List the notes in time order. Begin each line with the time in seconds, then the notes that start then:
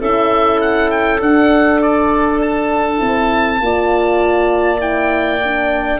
0.00 C#4 E4 A4 E5
0.61 F#5
0.90 G5
1.21 D4 F#5
1.81 D5
2.41 A5
2.97 C4 E4
3.60 A#3 F4 D5
4.79 E4 G5
5.44 D4